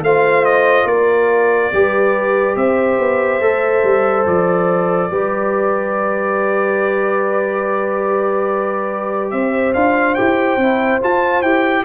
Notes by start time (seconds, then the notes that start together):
0.00 A3 F4 C5 F5
0.45 D#5
0.85 A#3 A#4 D5
1.72 G3 G4 B4
2.56 C4 C5 E5
2.99 B3
3.40 A3 A4
3.83 G3
4.25 F3 D5
5.11 G3 G4 B4
9.30 C4 C5 E5
9.73 D4 F4 F5
10.14 E4 G4 G5
10.57 C4 E4
11.01 F4 A5
11.42 E4 G4 G5